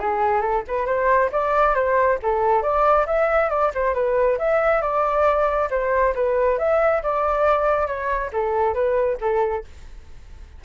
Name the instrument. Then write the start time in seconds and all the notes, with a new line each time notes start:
flute
0.00 G#4
0.42 A4
0.68 B4
0.86 C5
1.32 D5
1.75 C5
2.23 A4
2.63 D5
3.07 E5
3.50 D5
3.75 C5
3.95 B4
4.39 E5
4.82 D5
5.71 C5
6.15 B4
6.59 E5
7.03 D5
7.87 C#5
8.33 A4
8.74 B4
9.21 A4